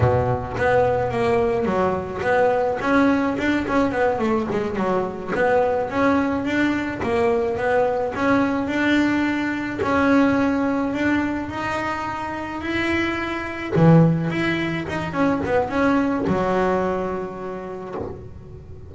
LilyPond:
\new Staff \with { instrumentName = "double bass" } { \time 4/4 \tempo 4 = 107 b,4 b4 ais4 fis4 | b4 cis'4 d'8 cis'8 b8 a8 | gis8 fis4 b4 cis'4 d'8~ | d'8 ais4 b4 cis'4 d'8~ |
d'4. cis'2 d'8~ | d'8 dis'2 e'4.~ | e'8 e4 e'4 dis'8 cis'8 b8 | cis'4 fis2. | }